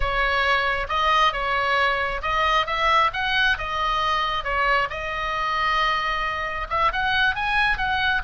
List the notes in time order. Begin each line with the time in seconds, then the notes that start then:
0.00 C#5
0.88 D#5
1.33 C#5
2.22 D#5
2.66 E5
3.13 F#5
3.58 D#5
4.44 C#5
4.89 D#5
6.69 E5
6.92 F#5
7.35 G#5
7.77 F#5